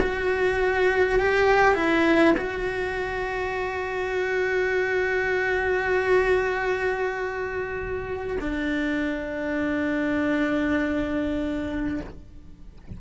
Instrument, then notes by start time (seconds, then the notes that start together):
cello
0.00 F#4
1.19 G4
1.75 E4
2.38 F#4
8.41 D4